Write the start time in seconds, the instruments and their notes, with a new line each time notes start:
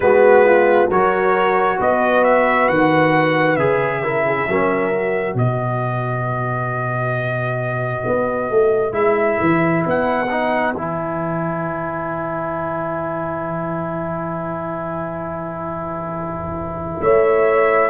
0.00 tuba G#3, trombone B3, horn F#4, trumpet B4
0.45 horn F4
0.87 tuba F#3, trombone F#4, horn A#4, trumpet C#5
1.78 tuba B3, horn B4, trumpet D#5
2.24 trumpet E5
2.68 tuba D#3, trumpet F#5
3.56 tuba C#3, trombone G#4, trumpet E5
4.02 trombone E4, horn A#4
4.26 horn G#4
4.48 tuba F#3, trombone C#4, horn A#4
4.93 trombone F#4
5.34 tuba B2, horn B4, trumpet D#5
8.06 tuba B3
8.50 tuba A3
8.92 tuba G#3, trombone E4, trumpet E5
9.40 tuba E3
9.85 tuba B3, trumpet F#5
10.30 trombone D#4
10.74 tuba E3, trombone E4, trumpet G#5
17.01 tuba A3, horn C#5, trumpet E5